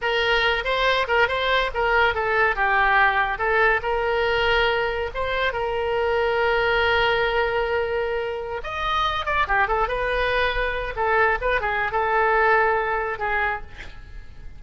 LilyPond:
\new Staff \with { instrumentName = "oboe" } { \time 4/4 \tempo 4 = 141 ais'4. c''4 ais'8 c''4 | ais'4 a'4 g'2 | a'4 ais'2. | c''4 ais'2.~ |
ais'1~ | ais'16 dis''4. d''8 g'8 a'8 b'8.~ | b'4.~ b'16 a'4 b'8 gis'8. | a'2. gis'4 | }